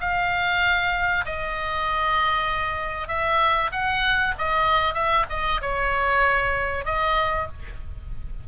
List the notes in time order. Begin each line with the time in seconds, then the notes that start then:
0.00 F5
1.26 D#5
3.08 E5
3.72 F#5
4.38 D#5
4.94 E5
5.30 D#5
5.62 C#5
6.85 D#5